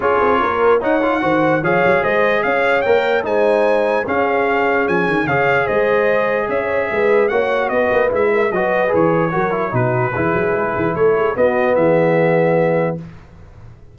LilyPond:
<<
  \new Staff \with { instrumentName = "trumpet" } { \time 4/4 \tempo 4 = 148 cis''2 fis''2 | f''4 dis''4 f''4 g''4 | gis''2 f''2 | gis''4 f''4 dis''2 |
e''2 fis''4 dis''4 | e''4 dis''4 cis''2 | b'2. cis''4 | dis''4 e''2. | }
  \new Staff \with { instrumentName = "horn" } { \time 4/4 gis'4 ais'4 cis''4 c''4 | cis''4 c''4 cis''2 | c''2 gis'2~ | gis'4 cis''4 c''2 |
cis''4 b'4 cis''4 b'4~ | b'8 ais'8 b'2 ais'4 | fis'4 gis'2 a'8 gis'8 | fis'4 gis'2. | }
  \new Staff \with { instrumentName = "trombone" } { \time 4/4 f'2 dis'8 f'8 fis'4 | gis'2. ais'4 | dis'2 cis'2~ | cis'4 gis'2.~ |
gis'2 fis'2 | e'4 fis'4 gis'4 fis'8 e'8 | dis'4 e'2. | b1 | }
  \new Staff \with { instrumentName = "tuba" } { \time 4/4 cis'8 c'8 ais4 dis'4 dis4 | f8 fis8 gis4 cis'4 ais4 | gis2 cis'2 | f8 dis8 cis4 gis2 |
cis'4 gis4 ais4 b8 ais8 | gis4 fis4 e4 fis4 | b,4 e8 fis8 gis8 e8 a4 | b4 e2. | }
>>